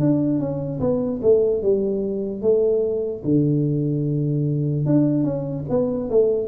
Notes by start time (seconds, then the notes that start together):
0.00 D4
0.39 C#4
0.80 B3
1.22 A3
1.62 G3
2.42 A3
3.24 D3
4.86 D4
5.24 C#4
5.69 B3
6.10 A3